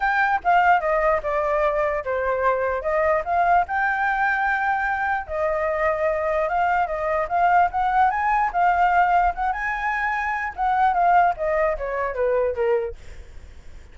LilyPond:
\new Staff \with { instrumentName = "flute" } { \time 4/4 \tempo 4 = 148 g''4 f''4 dis''4 d''4~ | d''4 c''2 dis''4 | f''4 g''2.~ | g''4 dis''2. |
f''4 dis''4 f''4 fis''4 | gis''4 f''2 fis''8 gis''8~ | gis''2 fis''4 f''4 | dis''4 cis''4 b'4 ais'4 | }